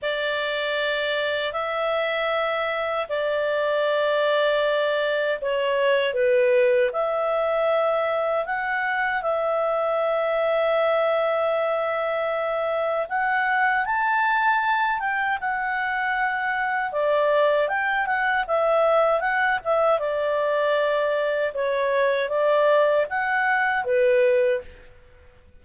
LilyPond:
\new Staff \with { instrumentName = "clarinet" } { \time 4/4 \tempo 4 = 78 d''2 e''2 | d''2. cis''4 | b'4 e''2 fis''4 | e''1~ |
e''4 fis''4 a''4. g''8 | fis''2 d''4 g''8 fis''8 | e''4 fis''8 e''8 d''2 | cis''4 d''4 fis''4 b'4 | }